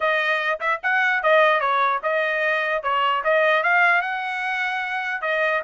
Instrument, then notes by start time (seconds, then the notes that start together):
trumpet
0.00 D#5
0.60 E5
0.83 F#5
1.22 D#5
1.60 C#5
2.02 D#5
2.82 C#5
3.23 D#5
3.63 F5
4.01 F#5
5.21 D#5